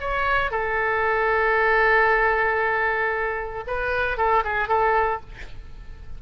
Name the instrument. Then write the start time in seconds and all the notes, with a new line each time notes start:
oboe
0.00 C#5
0.51 A4
3.67 B4
4.17 A4
4.44 G#4
4.68 A4